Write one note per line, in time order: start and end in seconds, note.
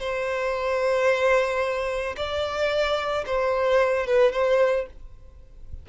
0.00 2.16 C5
2.17 3.25 D5
3.27 4.07 C5
4.07 4.33 B4
4.33 4.87 C5